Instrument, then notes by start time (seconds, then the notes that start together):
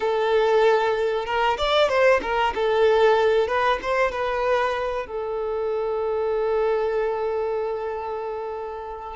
violin
0.00 A4
1.25 A#4
1.57 D5
1.88 C5
2.22 A#4
2.54 A4
3.47 B4
3.82 C5
4.11 B4
5.06 A4